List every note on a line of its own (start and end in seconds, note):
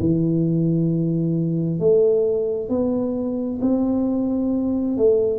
0.00 1.80 E3
1.80 2.69 A3
2.69 3.60 B3
3.62 4.98 C4
4.98 5.39 A3